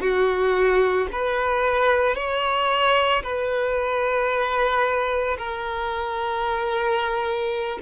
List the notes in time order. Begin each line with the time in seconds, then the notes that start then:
0.00 F#4
1.12 B4
2.15 C#5
3.23 B4
5.38 A#4